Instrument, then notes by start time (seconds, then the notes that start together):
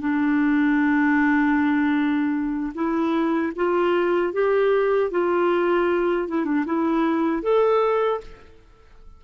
clarinet
0.00 D4
2.74 E4
3.56 F4
4.33 G4
5.11 F4
6.28 E4
6.45 D4
6.66 E4
7.42 A4